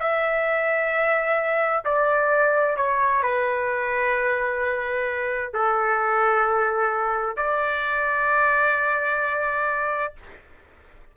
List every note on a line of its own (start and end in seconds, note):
0.00 1.85 E5
1.85 2.77 D5
2.77 3.23 C#5
3.23 5.53 B4
5.53 7.37 A4
7.37 10.14 D5